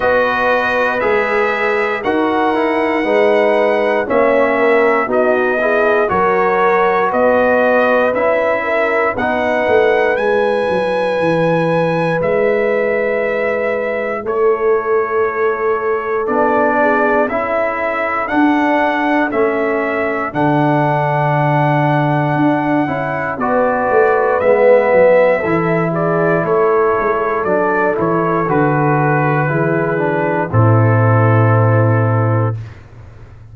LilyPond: <<
  \new Staff \with { instrumentName = "trumpet" } { \time 4/4 \tempo 4 = 59 dis''4 e''4 fis''2 | e''4 dis''4 cis''4 dis''4 | e''4 fis''4 gis''2 | e''2 cis''2 |
d''4 e''4 fis''4 e''4 | fis''2. d''4 | e''4. d''8 cis''4 d''8 cis''8 | b'2 a'2 | }
  \new Staff \with { instrumentName = "horn" } { \time 4/4 b'2 ais'4 b'4 | cis''8 ais'8 fis'8 gis'8 ais'4 b'4~ | b'8 ais'8 b'2.~ | b'2 a'2~ |
a'8 gis'8 a'2.~ | a'2. b'4~ | b'4 a'8 gis'8 a'2~ | a'4 gis'4 e'2 | }
  \new Staff \with { instrumentName = "trombone" } { \time 4/4 fis'4 gis'4 fis'8 e'8 dis'4 | cis'4 dis'8 e'8 fis'2 | e'4 dis'4 e'2~ | e'1 |
d'4 e'4 d'4 cis'4 | d'2~ d'8 e'8 fis'4 | b4 e'2 d'8 e'8 | fis'4 e'8 d'8 c'2 | }
  \new Staff \with { instrumentName = "tuba" } { \time 4/4 b4 gis4 dis'4 gis4 | ais4 b4 fis4 b4 | cis'4 b8 a8 gis8 fis8 e4 | gis2 a2 |
b4 cis'4 d'4 a4 | d2 d'8 cis'8 b8 a8 | gis8 fis8 e4 a8 gis8 fis8 e8 | d4 e4 a,2 | }
>>